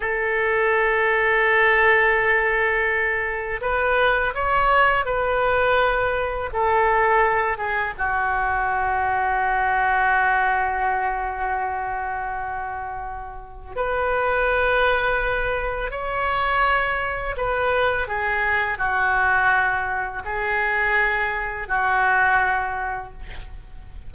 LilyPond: \new Staff \with { instrumentName = "oboe" } { \time 4/4 \tempo 4 = 83 a'1~ | a'4 b'4 cis''4 b'4~ | b'4 a'4. gis'8 fis'4~ | fis'1~ |
fis'2. b'4~ | b'2 cis''2 | b'4 gis'4 fis'2 | gis'2 fis'2 | }